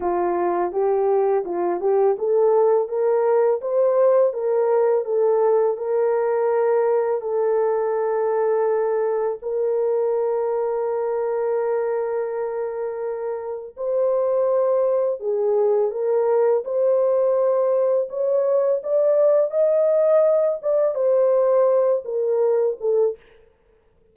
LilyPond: \new Staff \with { instrumentName = "horn" } { \time 4/4 \tempo 4 = 83 f'4 g'4 f'8 g'8 a'4 | ais'4 c''4 ais'4 a'4 | ais'2 a'2~ | a'4 ais'2.~ |
ais'2. c''4~ | c''4 gis'4 ais'4 c''4~ | c''4 cis''4 d''4 dis''4~ | dis''8 d''8 c''4. ais'4 a'8 | }